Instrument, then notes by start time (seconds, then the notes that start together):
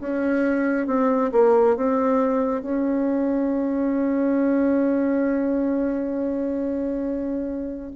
bassoon
0.00 C#4
0.87 C4
1.32 A#3
1.76 C4
2.62 C#4